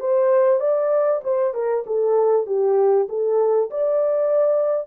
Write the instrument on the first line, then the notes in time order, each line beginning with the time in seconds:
horn
0.00 C5
0.60 D5
1.23 C5
1.54 A#4
1.86 A4
2.46 G4
3.08 A4
3.70 D5